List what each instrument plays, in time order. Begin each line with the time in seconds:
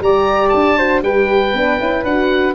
0.00 tuba G3, horn G4, flute D5, oboe A#5
0.49 tuba D4, oboe A5
0.77 horn F#4, flute C5
1.02 tuba G3, horn G4, flute B4, oboe G5
1.53 tuba B3, horn D4
1.79 tuba C#4, horn E4
2.03 tuba D4, horn F#4, oboe F#5